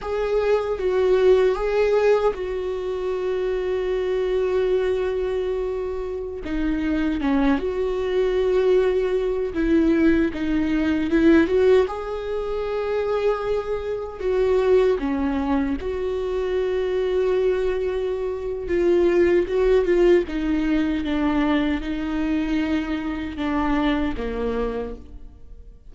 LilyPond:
\new Staff \with { instrumentName = "viola" } { \time 4/4 \tempo 4 = 77 gis'4 fis'4 gis'4 fis'4~ | fis'1~ | fis'16 dis'4 cis'8 fis'2~ fis'16~ | fis'16 e'4 dis'4 e'8 fis'8 gis'8.~ |
gis'2~ gis'16 fis'4 cis'8.~ | cis'16 fis'2.~ fis'8. | f'4 fis'8 f'8 dis'4 d'4 | dis'2 d'4 ais4 | }